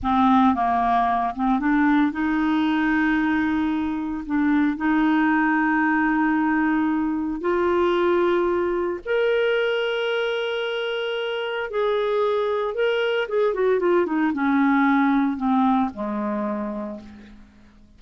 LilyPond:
\new Staff \with { instrumentName = "clarinet" } { \time 4/4 \tempo 4 = 113 c'4 ais4. c'8 d'4 | dis'1 | d'4 dis'2.~ | dis'2 f'2~ |
f'4 ais'2.~ | ais'2 gis'2 | ais'4 gis'8 fis'8 f'8 dis'8 cis'4~ | cis'4 c'4 gis2 | }